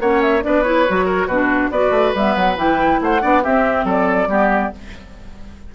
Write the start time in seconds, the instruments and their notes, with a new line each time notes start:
0.00 bassoon A#3, clarinet C#4, oboe C#5, flute F#5
0.22 flute E5
0.42 bassoon B3, clarinet D4, oboe B4, flute D5
0.64 clarinet E4, flute C#5
0.88 bassoon F#3, clarinet F#4
1.06 oboe A#4
1.27 bassoon B2, clarinet D4, oboe F#4, flute B4
1.71 bassoon B3, clarinet F#4, oboe B4, flute D5
1.91 bassoon A3
2.15 bassoon G3, clarinet B3, flute E5
2.36 bassoon F#3, flute F#5
2.57 bassoon E3, clarinet E4, flute G5
3.01 bassoon A3, oboe C5, flute F#5
3.21 bassoon B3, clarinet D4, oboe D5
3.43 clarinet C4, bassoon C4, oboe G4, flute E5
3.85 bassoon F#3, oboe A4, flute D5
4.27 bassoon G3, clarinet B3, oboe G4